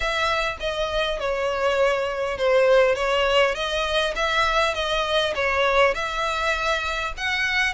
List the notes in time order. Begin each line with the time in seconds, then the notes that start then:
0.00 E5
0.60 D#5
1.19 C#5
2.37 C5
2.95 C#5
3.54 D#5
4.15 E5
4.74 D#5
5.35 C#5
5.94 E5
7.17 F#5